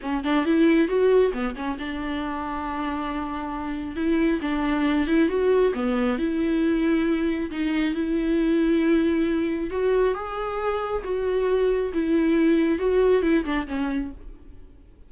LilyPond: \new Staff \with { instrumentName = "viola" } { \time 4/4 \tempo 4 = 136 cis'8 d'8 e'4 fis'4 b8 cis'8 | d'1~ | d'4 e'4 d'4. e'8 | fis'4 b4 e'2~ |
e'4 dis'4 e'2~ | e'2 fis'4 gis'4~ | gis'4 fis'2 e'4~ | e'4 fis'4 e'8 d'8 cis'4 | }